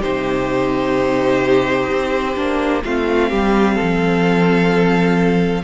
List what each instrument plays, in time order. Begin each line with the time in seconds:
0.00 cello C3, viola D#4, violin G4 C5
1.89 cello C4
2.35 cello A#3, viola D4
2.84 cello A3, viola C4, violin F4 F5
3.29 cello G3, violin G4
3.74 violin A4
3.81 cello F3